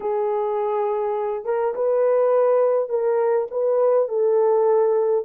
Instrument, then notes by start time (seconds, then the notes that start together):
horn
0.00 G#4
1.45 A#4
1.74 B4
2.89 A#4
3.51 B4
4.08 A4